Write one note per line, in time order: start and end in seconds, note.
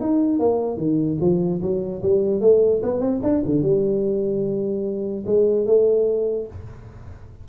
0.00 0.39 D#4
0.39 0.77 A#3
0.77 1.17 D#3
1.20 1.61 F3
1.61 2.02 F#3
2.02 2.41 G3
2.41 2.81 A3
2.82 3.00 B3
3.00 3.20 C4
3.22 3.43 D4
3.45 3.62 D3
3.62 5.24 G3
5.26 5.66 G#3
5.66 6.47 A3